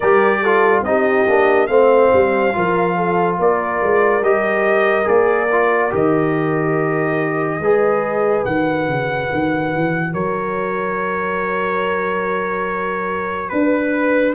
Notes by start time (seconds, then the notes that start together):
0.00 G3 G4 A#4 D5
0.42 F4 A4
0.82 C4 D#4 G4 D#5
1.26 A#3 D4
1.66 A3 C4 C5 F5
2.13 G3
2.53 F3 F4 A#4
2.96 A4
3.38 A#3 A#4 D5
3.83 G#3
4.21 G3 G4 D#5
5.04 A#3 G#4 D5
5.51 F4
5.90 D#3 G4 D#5
7.59 G#3 G#4 B4
8.45 D#3 F#4 F#5
8.87 C#3
9.32 D#3
9.74 E3
10.12 F#3 A#4 C#5
13.49 D4 B4